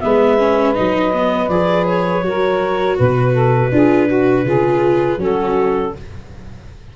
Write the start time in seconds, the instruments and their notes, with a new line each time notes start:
0.00 tuba G#3, viola B3, saxophone B4, clarinet E5
0.38 viola C#4
0.74 tuba F#3, viola D#4, clarinet D#5
1.13 viola B3
1.48 tuba F3, viola G#4, clarinet D5
1.85 clarinet C#5
2.23 tuba F#3, viola F#4, saxophone A#4
2.97 tuba B2, saxophone B4, clarinet B4
3.32 saxophone A4
3.72 tuba D4, viola F4, saxophone G#4
4.07 saxophone F#4, viola F#4
4.44 tuba C#3, viola F4, saxophone G#4
5.17 tuba F#3, viola C#4, saxophone F#4, clarinet A4